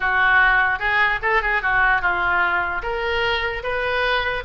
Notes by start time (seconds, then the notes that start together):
0.00 F#4
0.79 G#4
1.22 A4
1.41 G#4
1.61 F#4
2.01 F4
2.82 A#4
3.63 B4